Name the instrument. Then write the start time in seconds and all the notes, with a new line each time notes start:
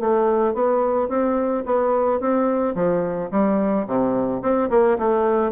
bassoon
0.00 A3
0.54 B3
1.09 C4
1.66 B3
2.20 C4
2.75 F3
3.31 G3
3.87 C3
4.42 C4
4.70 A#3
4.98 A3